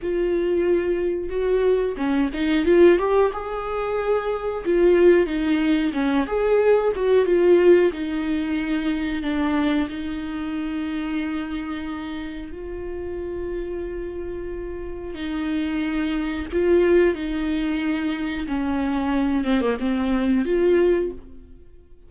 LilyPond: \new Staff \with { instrumentName = "viola" } { \time 4/4 \tempo 4 = 91 f'2 fis'4 cis'8 dis'8 | f'8 g'8 gis'2 f'4 | dis'4 cis'8 gis'4 fis'8 f'4 | dis'2 d'4 dis'4~ |
dis'2. f'4~ | f'2. dis'4~ | dis'4 f'4 dis'2 | cis'4. c'16 ais16 c'4 f'4 | }